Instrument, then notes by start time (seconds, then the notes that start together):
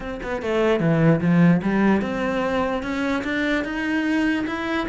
cello
0.00 C4
0.22 B3
0.42 A3
0.80 E3
1.20 F3
1.62 G3
2.01 C4
2.82 C#4
3.24 D4
3.64 D#4
4.46 E4